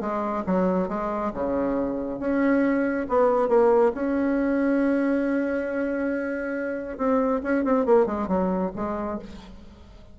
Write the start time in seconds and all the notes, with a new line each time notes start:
0.00 G#3
0.46 F#3
0.88 G#3
1.33 C#3
2.19 C#4
3.08 B3
3.48 A#3
3.94 C#4
6.97 C4
7.43 C#4
7.64 C4
7.85 A#3
8.06 G#3
8.27 F#3
8.75 G#3